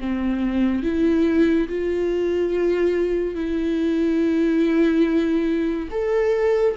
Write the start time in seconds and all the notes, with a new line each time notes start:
0.00 C4
0.83 E4
1.69 F4
3.35 E4
5.91 A4